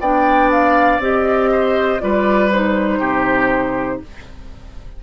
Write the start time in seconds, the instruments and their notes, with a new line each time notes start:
0.00 bassoon B3, clarinet D4, oboe D5, flute G5
0.51 flute F5
0.98 bassoon C4, clarinet G4, flute D#5
1.51 oboe C5
2.00 bassoon G3, clarinet F4, oboe B4, flute D5
2.51 clarinet D#4, flute C5
2.99 bassoon C3, oboe G4